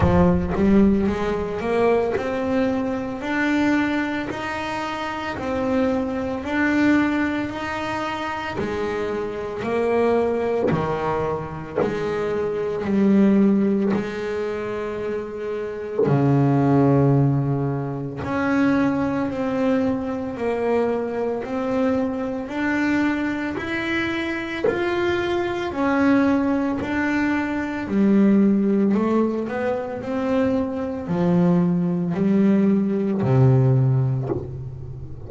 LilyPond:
\new Staff \with { instrumentName = "double bass" } { \time 4/4 \tempo 4 = 56 f8 g8 gis8 ais8 c'4 d'4 | dis'4 c'4 d'4 dis'4 | gis4 ais4 dis4 gis4 | g4 gis2 cis4~ |
cis4 cis'4 c'4 ais4 | c'4 d'4 e'4 f'4 | cis'4 d'4 g4 a8 b8 | c'4 f4 g4 c4 | }